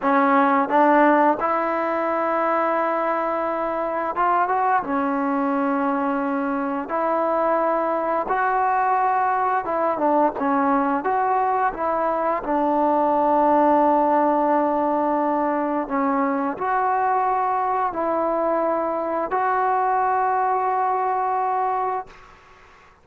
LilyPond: \new Staff \with { instrumentName = "trombone" } { \time 4/4 \tempo 4 = 87 cis'4 d'4 e'2~ | e'2 f'8 fis'8 cis'4~ | cis'2 e'2 | fis'2 e'8 d'8 cis'4 |
fis'4 e'4 d'2~ | d'2. cis'4 | fis'2 e'2 | fis'1 | }